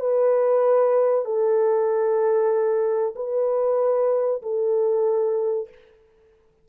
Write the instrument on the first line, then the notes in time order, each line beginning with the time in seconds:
horn
0.00 B4
1.25 A4
3.16 B4
4.42 A4